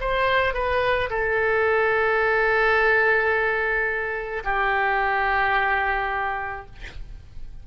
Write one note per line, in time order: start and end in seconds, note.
0.00 0.54 C5
0.54 1.09 B4
1.10 4.43 A4
4.44 6.66 G4